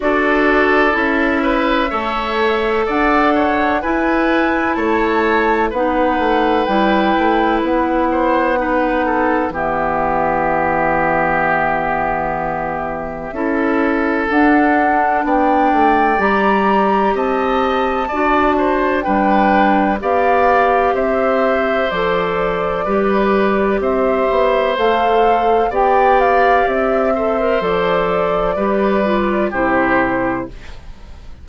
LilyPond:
<<
  \new Staff \with { instrumentName = "flute" } { \time 4/4 \tempo 4 = 63 d''4 e''2 fis''4 | gis''4 a''4 fis''4 g''4 | fis''2 e''2~ | e''2. fis''4 |
g''4 ais''4 a''2 | g''4 f''4 e''4 d''4~ | d''4 e''4 f''4 g''8 f''8 | e''4 d''2 c''4 | }
  \new Staff \with { instrumentName = "oboe" } { \time 4/4 a'4. b'8 cis''4 d''8 cis''8 | b'4 cis''4 b'2~ | b'8 c''8 b'8 a'8 g'2~ | g'2 a'2 |
d''2 dis''4 d''8 c''8 | b'4 d''4 c''2 | b'4 c''2 d''4~ | d''8 c''4. b'4 g'4 | }
  \new Staff \with { instrumentName = "clarinet" } { \time 4/4 fis'4 e'4 a'2 | e'2 dis'4 e'4~ | e'4 dis'4 b2~ | b2 e'4 d'4~ |
d'4 g'2 fis'4 | d'4 g'2 a'4 | g'2 a'4 g'4~ | g'8 a'16 ais'16 a'4 g'8 f'8 e'4 | }
  \new Staff \with { instrumentName = "bassoon" } { \time 4/4 d'4 cis'4 a4 d'4 | e'4 a4 b8 a8 g8 a8 | b2 e2~ | e2 cis'4 d'4 |
b8 a8 g4 c'4 d'4 | g4 b4 c'4 f4 | g4 c'8 b8 a4 b4 | c'4 f4 g4 c4 | }
>>